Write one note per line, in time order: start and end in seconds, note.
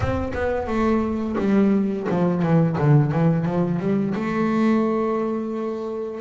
0.00 0.32 C4
0.33 0.67 B3
0.67 1.36 A3
1.38 2.07 G3
2.09 2.42 F3
2.42 2.76 E3
2.77 3.11 D3
3.11 3.45 E3
3.45 3.79 F3
3.79 4.14 G3
4.14 6.20 A3